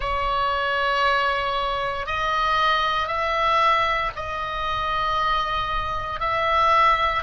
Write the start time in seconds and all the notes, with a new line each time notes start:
0.00 C#5
2.06 D#5
3.08 E5
4.16 D#5
6.20 E5